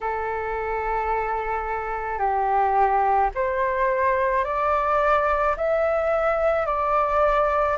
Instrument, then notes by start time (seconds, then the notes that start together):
flute
0.00 A4
2.18 G4
3.34 C5
4.44 D5
5.56 E5
6.66 D5